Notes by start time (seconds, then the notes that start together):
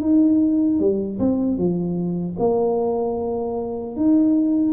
0.00 D#4
0.79 G3
1.19 C4
1.57 F3
2.39 A#3
3.96 D#4